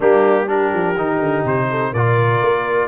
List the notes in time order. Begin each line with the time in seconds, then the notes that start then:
0.00 G3 A#3 D4 G4
0.47 D4 G4 A#4
0.73 F3
0.95 D#3 D#4
1.19 D3
1.44 C3 C5
1.70 A4
1.91 A#2 F4 A#4 D5
2.41 A#3